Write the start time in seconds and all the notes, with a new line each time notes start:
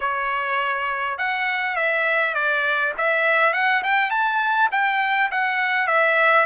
0.00 C#5
1.18 F#5
1.75 E5
2.34 D5
2.97 E5
3.53 F#5
3.83 G5
4.10 A5
4.71 G5
5.31 F#5
5.87 E5